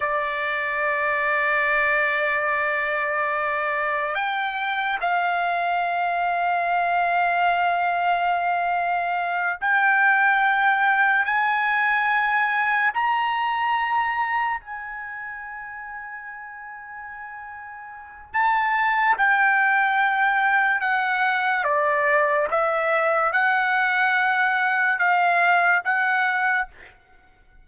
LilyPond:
\new Staff \with { instrumentName = "trumpet" } { \time 4/4 \tempo 4 = 72 d''1~ | d''4 g''4 f''2~ | f''2.~ f''8 g''8~ | g''4. gis''2 ais''8~ |
ais''4. gis''2~ gis''8~ | gis''2 a''4 g''4~ | g''4 fis''4 d''4 e''4 | fis''2 f''4 fis''4 | }